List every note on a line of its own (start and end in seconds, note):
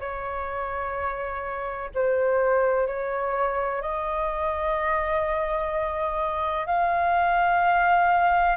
0.00 1.90 C#5
1.95 2.87 C5
2.87 3.82 C#5
3.82 6.67 D#5
6.67 8.57 F5